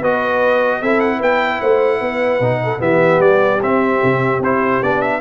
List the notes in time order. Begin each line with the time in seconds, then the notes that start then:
0.00 B3 F#4 B4 D#5
0.81 C4 E4 A4 E5
1.01 F#5
1.19 B3 B4 G5
1.61 A3 C5 F#5
2.01 B3 B4
2.40 B2 D#4
2.64 A4
2.79 E3 B3 G4 E5
3.20 G3 D5
3.62 C4 E5
4.04 C3
4.40 C4 E4 C5
4.82 B3 D4 D5
5.02 E5